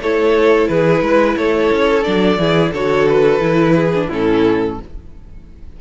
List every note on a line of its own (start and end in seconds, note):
0.00 0.68 A3
0.00 2.04 E4
0.00 0.71 A4
0.00 0.68 C#5
0.68 1.02 E3
0.68 1.04 G#4
0.68 1.36 B4
1.02 1.36 G#3
1.02 1.38 B4
1.37 1.71 A3
1.37 2.40 A4
1.37 2.04 C#5
1.72 2.06 C#4
2.04 2.37 F#3
2.04 2.38 D4
2.04 2.72 D5
2.37 2.71 E3
2.37 2.74 E4
2.37 2.72 G#4
2.72 3.40 D3
2.72 3.40 F#4
2.72 3.74 A4
2.72 3.08 C#5
3.08 4.10 B4
3.40 4.08 E3
3.40 3.91 E4
3.75 4.08 G#4
3.94 4.11 D4
4.08 4.79 A2
4.08 4.79 C#4
4.08 4.76 E4
4.08 4.81 A4